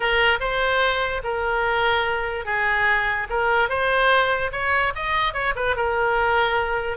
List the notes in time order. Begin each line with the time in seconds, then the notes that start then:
0.00 A#4
0.40 C5
1.23 A#4
2.45 G#4
3.29 A#4
3.69 C5
4.52 C#5
4.95 D#5
5.33 C#5
5.55 B4
5.76 A#4